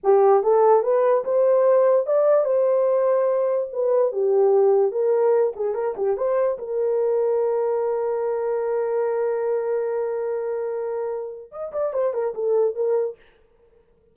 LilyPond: \new Staff \with { instrumentName = "horn" } { \time 4/4 \tempo 4 = 146 g'4 a'4 b'4 c''4~ | c''4 d''4 c''2~ | c''4 b'4 g'2 | ais'4. gis'8 ais'8 g'8 c''4 |
ais'1~ | ais'1~ | ais'1 | dis''8 d''8 c''8 ais'8 a'4 ais'4 | }